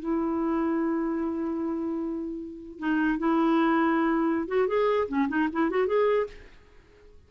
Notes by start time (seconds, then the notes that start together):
0.00 E4
2.79 D#4
3.19 E4
4.48 F#4
4.68 G#4
5.09 C#4
5.29 D#4
5.53 E4
5.71 F#4
5.87 G#4